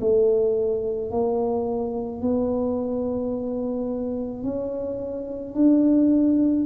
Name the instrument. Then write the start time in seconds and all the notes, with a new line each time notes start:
tuba
0.00 A3
1.11 A#3
2.22 B3
4.43 C#4
5.55 D4